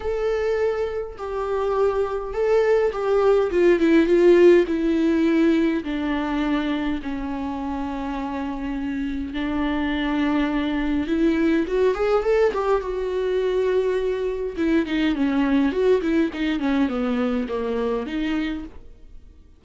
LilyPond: \new Staff \with { instrumentName = "viola" } { \time 4/4 \tempo 4 = 103 a'2 g'2 | a'4 g'4 f'8 e'8 f'4 | e'2 d'2 | cis'1 |
d'2. e'4 | fis'8 gis'8 a'8 g'8 fis'2~ | fis'4 e'8 dis'8 cis'4 fis'8 e'8 | dis'8 cis'8 b4 ais4 dis'4 | }